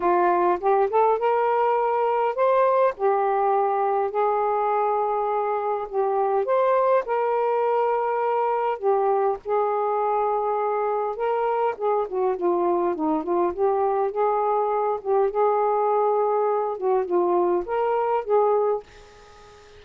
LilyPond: \new Staff \with { instrumentName = "saxophone" } { \time 4/4 \tempo 4 = 102 f'4 g'8 a'8 ais'2 | c''4 g'2 gis'4~ | gis'2 g'4 c''4 | ais'2. g'4 |
gis'2. ais'4 | gis'8 fis'8 f'4 dis'8 f'8 g'4 | gis'4. g'8 gis'2~ | gis'8 fis'8 f'4 ais'4 gis'4 | }